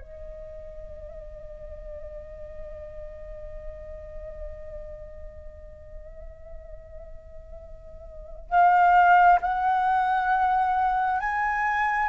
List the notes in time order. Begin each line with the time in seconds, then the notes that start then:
0.00 D#5
8.50 F5
9.42 F#5
11.20 G#5